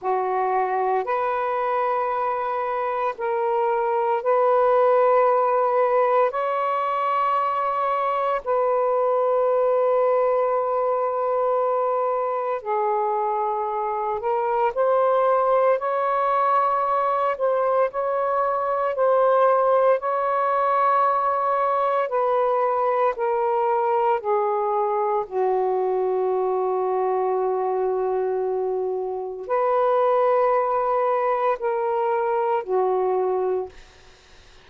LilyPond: \new Staff \with { instrumentName = "saxophone" } { \time 4/4 \tempo 4 = 57 fis'4 b'2 ais'4 | b'2 cis''2 | b'1 | gis'4. ais'8 c''4 cis''4~ |
cis''8 c''8 cis''4 c''4 cis''4~ | cis''4 b'4 ais'4 gis'4 | fis'1 | b'2 ais'4 fis'4 | }